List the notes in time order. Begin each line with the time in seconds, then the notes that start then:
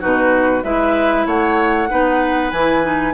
0.00 B2 D#4 F#4 B4
0.64 G#3 E4 B4 E5
1.26 A3 C#5 F#5
1.89 B3 D#4 B4
2.51 E3 E4 G#5
2.82 D#4